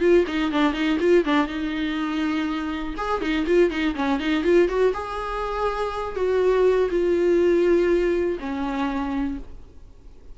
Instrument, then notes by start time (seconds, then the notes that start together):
viola
0.00 F4
0.27 D#4
0.52 D4
0.73 D#4
1.00 F4
1.25 D4
1.47 D#4
2.97 G#4
3.21 D#4
3.46 F4
3.70 D#4
3.95 C#4
4.19 D#4
4.44 F4
4.68 F#4
4.93 G#4
6.15 F#4
6.90 F4
8.40 C#4